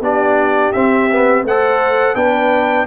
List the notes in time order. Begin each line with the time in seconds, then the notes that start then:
0.00 B3 D4 G4 D5
0.72 C4 E5
1.12 B3
1.44 A3 A4 C5 F#5
2.14 B3 D4 B4 G5